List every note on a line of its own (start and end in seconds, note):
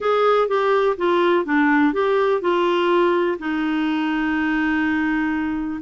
0.00 0.48 G#4
0.48 0.96 G4
0.97 1.45 F4
1.45 1.93 D4
1.93 2.41 G4
2.41 3.38 F4
3.38 5.80 D#4